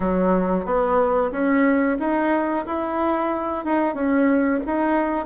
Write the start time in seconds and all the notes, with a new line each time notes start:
0.00 F#3
0.65 B3
1.31 C#4
1.99 D#4
2.66 E4
3.64 D#4
3.94 C#4
4.65 D#4